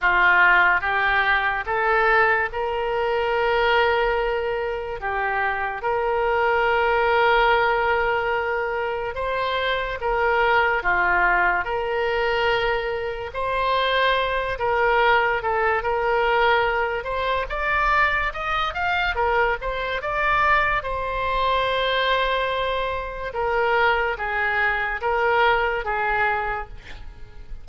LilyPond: \new Staff \with { instrumentName = "oboe" } { \time 4/4 \tempo 4 = 72 f'4 g'4 a'4 ais'4~ | ais'2 g'4 ais'4~ | ais'2. c''4 | ais'4 f'4 ais'2 |
c''4. ais'4 a'8 ais'4~ | ais'8 c''8 d''4 dis''8 f''8 ais'8 c''8 | d''4 c''2. | ais'4 gis'4 ais'4 gis'4 | }